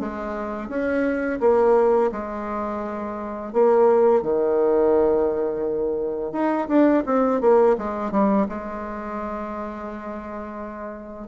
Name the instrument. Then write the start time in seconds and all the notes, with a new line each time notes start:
bassoon
0.00 G#3
0.69 C#4
1.41 A#3
2.12 G#3
3.53 A#3
4.22 D#3
6.32 D#4
6.68 D4
7.06 C4
7.41 A#3
7.78 G#3
8.11 G3
8.49 G#3